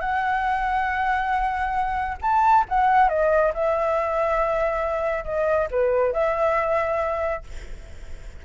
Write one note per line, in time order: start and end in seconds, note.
0.00 2.17 F#5
2.22 2.65 A5
2.69 3.09 F#5
3.09 3.52 D#5
3.54 5.25 E5
5.25 5.68 D#5
5.71 6.13 B4
6.13 7.43 E5